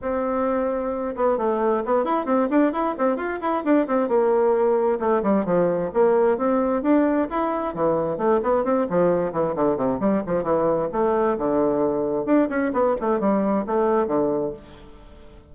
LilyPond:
\new Staff \with { instrumentName = "bassoon" } { \time 4/4 \tempo 4 = 132 c'2~ c'8 b8 a4 | b8 e'8 c'8 d'8 e'8 c'8 f'8 e'8 | d'8 c'8 ais2 a8 g8 | f4 ais4 c'4 d'4 |
e'4 e4 a8 b8 c'8 f8~ | f8 e8 d8 c8 g8 f8 e4 | a4 d2 d'8 cis'8 | b8 a8 g4 a4 d4 | }